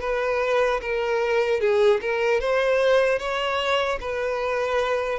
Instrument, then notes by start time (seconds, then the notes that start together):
violin
0.00 B4
0.81 A#4
1.60 G#4
2.01 A#4
2.40 C5
3.18 C#5
4.00 B4